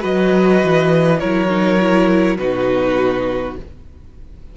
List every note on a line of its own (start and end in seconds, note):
0.00 0.63 F#3
0.00 1.18 F#4
0.00 1.19 B4
0.00 1.20 D#5
0.64 1.23 E3
1.20 2.39 F#3
1.20 1.49 E4
1.20 2.37 A#4
1.20 2.37 C#5
1.49 1.79 D#4
1.80 2.39 E4
2.38 3.57 B2
2.38 3.57 D#4
2.38 3.58 F#4
2.38 3.56 B4